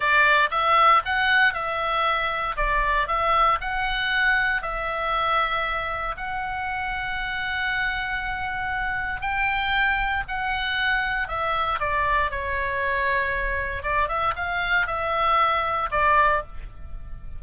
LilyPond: \new Staff \with { instrumentName = "oboe" } { \time 4/4 \tempo 4 = 117 d''4 e''4 fis''4 e''4~ | e''4 d''4 e''4 fis''4~ | fis''4 e''2. | fis''1~ |
fis''2 g''2 | fis''2 e''4 d''4 | cis''2. d''8 e''8 | f''4 e''2 d''4 | }